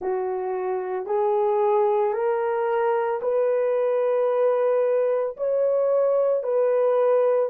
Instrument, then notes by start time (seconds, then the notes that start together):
horn
0.00 F#4
1.06 G#4
2.13 A#4
3.21 B4
5.36 C#5
6.43 B4